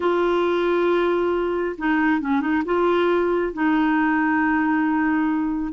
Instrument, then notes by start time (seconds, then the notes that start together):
clarinet
0.00 F4
1.78 D#4
2.21 C#4
2.40 D#4
2.65 F4
3.53 D#4